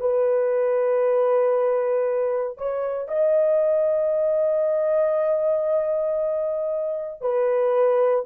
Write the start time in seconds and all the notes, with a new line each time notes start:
0.00 B4
2.58 C#5
3.08 D#5
7.21 B4